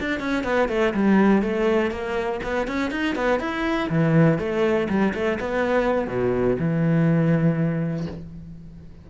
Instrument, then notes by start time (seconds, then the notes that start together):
cello
0.00 D4
0.20 C#4
0.44 B3
0.68 A3
0.94 G3
1.42 A3
1.91 A#3
2.43 B3
2.67 C#4
2.91 D#4
3.15 B3
3.40 E4
3.89 E3
4.39 A3
4.89 G3
5.14 A3
5.40 B3
6.07 B2
6.59 E3